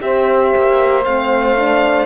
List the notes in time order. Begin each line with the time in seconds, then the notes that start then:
0.00 C4 G4 C5 E5
0.56 A#3
1.04 A3 C4 F5
1.56 D4